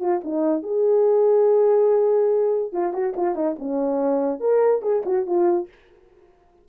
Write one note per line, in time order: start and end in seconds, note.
0.00 0.21 F4
0.24 0.63 D#4
0.63 2.72 G#4
2.72 2.93 F4
2.93 3.14 F#4
3.16 3.35 F4
3.35 3.56 D#4
3.59 4.40 C#4
4.40 4.82 A#4
4.82 5.03 G#4
5.06 5.26 F#4
5.26 5.68 F4